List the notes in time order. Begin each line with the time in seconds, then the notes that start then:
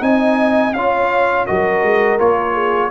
0.00 C4 D#4 D#5 G#5
0.73 C#4 F4 C#5 F5
1.46 F#3 F#4 A#4 D#5
1.83 G#3
2.19 A#3 F4 C#5
2.54 G#4